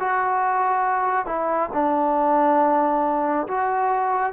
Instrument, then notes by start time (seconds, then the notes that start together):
trombone
0.00 F#4
1.26 E4
1.74 D4
3.48 F#4